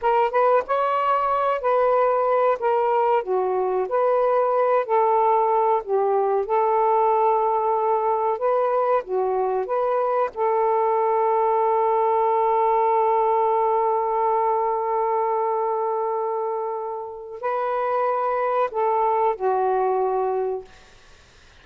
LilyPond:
\new Staff \with { instrumentName = "saxophone" } { \time 4/4 \tempo 4 = 93 ais'8 b'8 cis''4. b'4. | ais'4 fis'4 b'4. a'8~ | a'4 g'4 a'2~ | a'4 b'4 fis'4 b'4 |
a'1~ | a'1~ | a'2. b'4~ | b'4 a'4 fis'2 | }